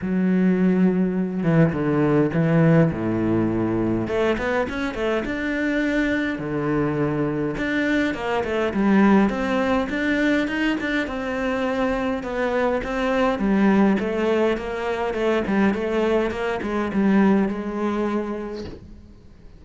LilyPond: \new Staff \with { instrumentName = "cello" } { \time 4/4 \tempo 4 = 103 fis2~ fis8 e8 d4 | e4 a,2 a8 b8 | cis'8 a8 d'2 d4~ | d4 d'4 ais8 a8 g4 |
c'4 d'4 dis'8 d'8 c'4~ | c'4 b4 c'4 g4 | a4 ais4 a8 g8 a4 | ais8 gis8 g4 gis2 | }